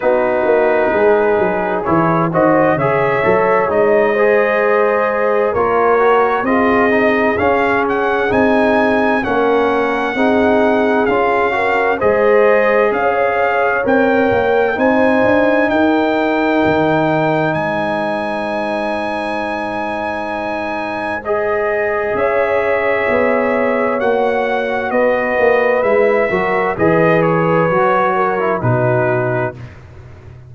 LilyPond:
<<
  \new Staff \with { instrumentName = "trumpet" } { \time 4/4 \tempo 4 = 65 b'2 cis''8 dis''8 e''4 | dis''2 cis''4 dis''4 | f''8 fis''8 gis''4 fis''2 | f''4 dis''4 f''4 g''4 |
gis''4 g''2 gis''4~ | gis''2. dis''4 | e''2 fis''4 dis''4 | e''4 dis''8 cis''4. b'4 | }
  \new Staff \with { instrumentName = "horn" } { \time 4/4 fis'4 gis'4. c''8 cis''4~ | cis''8 c''4. ais'4 gis'4~ | gis'2 ais'4 gis'4~ | gis'8 ais'8 c''4 cis''2 |
c''4 ais'2 c''4~ | c''1 | cis''2. b'4~ | b'8 ais'8 b'4. ais'8 fis'4 | }
  \new Staff \with { instrumentName = "trombone" } { \time 4/4 dis'2 e'8 fis'8 gis'8 a'8 | dis'8 gis'4. f'8 fis'8 f'8 dis'8 | cis'4 dis'4 cis'4 dis'4 | f'8 fis'8 gis'2 ais'4 |
dis'1~ | dis'2. gis'4~ | gis'2 fis'2 | e'8 fis'8 gis'4 fis'8. e'16 dis'4 | }
  \new Staff \with { instrumentName = "tuba" } { \time 4/4 b8 ais8 gis8 fis8 e8 dis8 cis8 fis8 | gis2 ais4 c'4 | cis'4 c'4 ais4 c'4 | cis'4 gis4 cis'4 c'8 ais8 |
c'8 d'8 dis'4 dis4 gis4~ | gis1 | cis'4 b4 ais4 b8 ais8 | gis8 fis8 e4 fis4 b,4 | }
>>